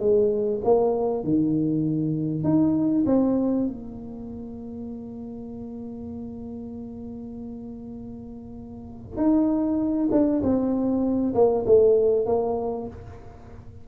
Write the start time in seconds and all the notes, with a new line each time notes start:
0.00 G#3
0.65 A#3
1.24 D#3
2.44 D#4
3.07 C4
3.68 A#3
9.18 D#4
10.12 D4
10.43 C4
11.35 A#3
11.66 A3
12.26 A#3